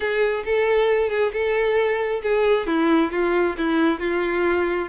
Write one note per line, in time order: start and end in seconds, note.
0.00 0.44 G#4
0.45 1.09 A4
1.09 1.32 G#4
1.33 2.21 A4
2.22 2.67 G#4
2.67 3.11 E4
3.11 3.56 F4
3.57 3.99 E4
3.99 4.88 F4